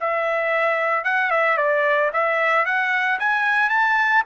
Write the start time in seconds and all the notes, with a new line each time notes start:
0.00 E5
1.04 F#5
1.31 E5
1.58 D5
2.13 E5
2.65 F#5
3.19 G#5
3.69 A5